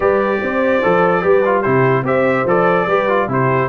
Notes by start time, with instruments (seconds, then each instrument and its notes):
0.00 tuba G3, trombone G4, horn B4, trumpet D5
0.41 tuba C4, horn C5
0.83 tuba F3, trombone A4
1.22 tuba G3, trombone G4, horn B4
1.45 trombone F4
1.61 tuba C3, trombone E4, horn G4, trumpet C5
2.02 tuba C4, trombone G4, horn C5, trumpet E5
2.45 tuba F3, trombone A4, trumpet D5
2.86 tuba G3, trombone G4, horn B4
3.08 trombone F4
3.27 tuba C3, trombone E4, horn G4, trumpet C5